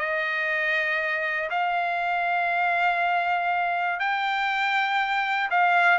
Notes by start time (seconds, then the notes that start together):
0.00 D#5
1.50 F5
4.00 G5
5.51 F5